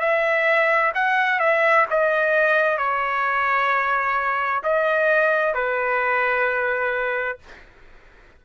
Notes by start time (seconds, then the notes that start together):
0.00 E5
0.95 F#5
1.40 E5
1.90 D#5
2.78 C#5
4.64 D#5
5.54 B4